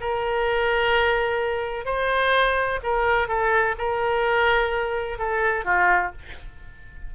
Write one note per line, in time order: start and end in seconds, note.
0.00 1.85 A#4
1.85 2.79 C5
2.83 3.28 A#4
3.28 3.75 A4
3.78 5.18 A#4
5.18 5.65 A4
5.65 6.12 F4